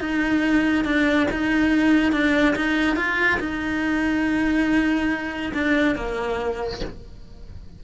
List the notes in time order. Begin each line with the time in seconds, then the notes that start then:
0.00 D#4
0.84 D4
1.31 D#4
2.12 D4
2.56 D#4
2.96 F4
3.39 D#4
5.53 D4
5.95 A#3